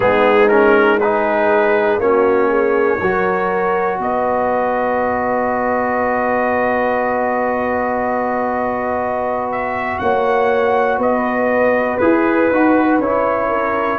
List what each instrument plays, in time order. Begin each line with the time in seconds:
0.00 tuba G#3, trombone B3, horn D#4, trumpet G#4
0.48 trombone C#4, trumpet A#4
1.00 trombone D#4, horn G#4, trumpet B4
1.97 tuba A#3, trombone C#4, horn F#4, trumpet C#5
2.48 horn G#4
3.00 tuba F#3, trombone F#4, horn A#4
3.99 tuba B3, horn B4, trumpet D#5
9.51 trumpet E5
9.98 tuba A#3, horn C#5, trumpet F#5
10.98 tuba B3, horn B4, trumpet D#5
11.97 tuba E4, trombone G#4, trumpet B4
12.50 tuba D#4, trombone F#4
12.98 tuba C#4, trombone E4, trumpet C#5
13.48 horn A#4